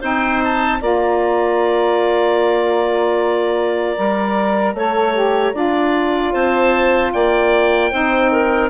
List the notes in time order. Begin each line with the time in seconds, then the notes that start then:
0.00 C4 D#4 C5 G5
0.44 A5
0.80 A#3 F4 D5 A#5
3.96 G3 A#4
4.74 A3 A4 C#5
5.13 G4
5.53 D4 F4 D5
6.33 C4 C5 A5
7.13 A#3 D5 G5
7.91 C4 D#4 C5
8.31 A#4